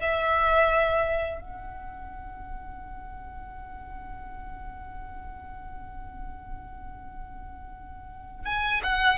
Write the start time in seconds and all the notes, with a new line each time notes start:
0.00 E5
1.41 F#5
8.45 G#5
8.83 F#5